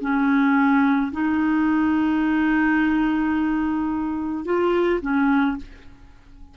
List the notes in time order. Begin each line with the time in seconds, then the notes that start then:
0.00 C#4
1.12 D#4
4.44 F4
5.01 C#4